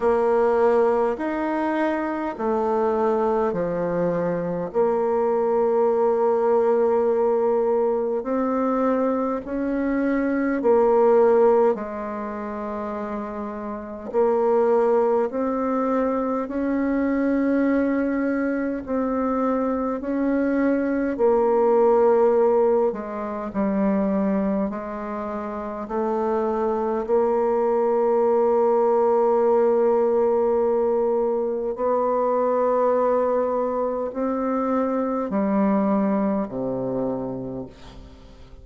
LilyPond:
\new Staff \with { instrumentName = "bassoon" } { \time 4/4 \tempo 4 = 51 ais4 dis'4 a4 f4 | ais2. c'4 | cis'4 ais4 gis2 | ais4 c'4 cis'2 |
c'4 cis'4 ais4. gis8 | g4 gis4 a4 ais4~ | ais2. b4~ | b4 c'4 g4 c4 | }